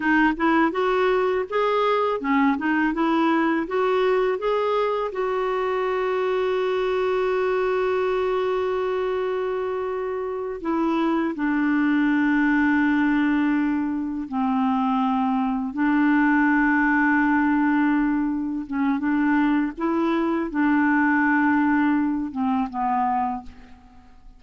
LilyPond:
\new Staff \with { instrumentName = "clarinet" } { \time 4/4 \tempo 4 = 82 dis'8 e'8 fis'4 gis'4 cis'8 dis'8 | e'4 fis'4 gis'4 fis'4~ | fis'1~ | fis'2~ fis'8 e'4 d'8~ |
d'2.~ d'8 c'8~ | c'4. d'2~ d'8~ | d'4. cis'8 d'4 e'4 | d'2~ d'8 c'8 b4 | }